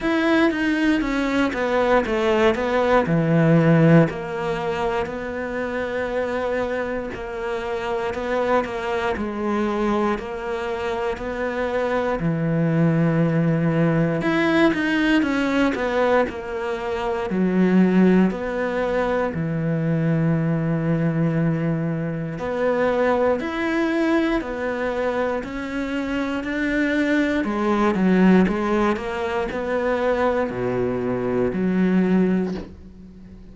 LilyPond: \new Staff \with { instrumentName = "cello" } { \time 4/4 \tempo 4 = 59 e'8 dis'8 cis'8 b8 a8 b8 e4 | ais4 b2 ais4 | b8 ais8 gis4 ais4 b4 | e2 e'8 dis'8 cis'8 b8 |
ais4 fis4 b4 e4~ | e2 b4 e'4 | b4 cis'4 d'4 gis8 fis8 | gis8 ais8 b4 b,4 fis4 | }